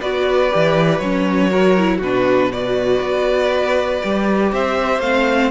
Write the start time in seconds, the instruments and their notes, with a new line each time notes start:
0.00 cello B3, viola F#4, violin B4 D5
0.50 cello E3, viola G4
0.98 cello F#3, viola C#4, violin C#5
1.49 viola F#4, violin A#4
1.77 viola E4
1.97 cello B2, viola D4, violin F#4 B4
2.52 viola F#4, violin B4 D5
3.01 cello B3
4.02 cello G3, viola G4
4.52 cello C4, violin C5 E5
4.99 cello A3, viola C4, violin F5